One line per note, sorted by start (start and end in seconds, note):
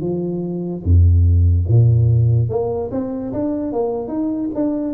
0.00 0.82 F3
0.83 1.66 F2
1.68 2.49 A#2
2.49 2.90 A#3
2.91 3.32 C4
3.33 3.72 D4
3.72 4.08 A#3
4.08 4.49 D#4
4.54 4.94 D4